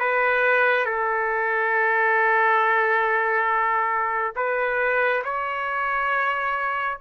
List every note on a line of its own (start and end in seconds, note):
0.00 0.86 B4
0.86 4.34 A4
4.36 5.23 B4
5.25 6.98 C#5